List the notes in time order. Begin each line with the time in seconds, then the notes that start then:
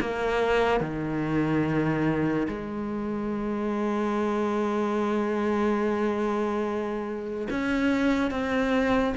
0.00 A#3
0.80 D#3
2.48 G#3
7.50 C#4
8.30 C4